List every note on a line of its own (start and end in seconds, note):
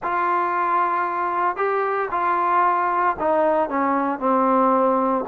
0.02 1.56 F4
1.56 2.09 G4
2.11 3.16 F4
3.19 3.69 D#4
3.69 4.19 C#4
4.19 5.24 C4